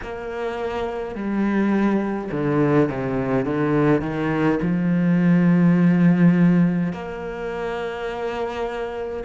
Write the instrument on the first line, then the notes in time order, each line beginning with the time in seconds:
cello
0.02 A#3
1.15 G3
2.31 D3
2.89 C3
3.45 D3
4.01 D#3
4.62 F3
6.92 A#3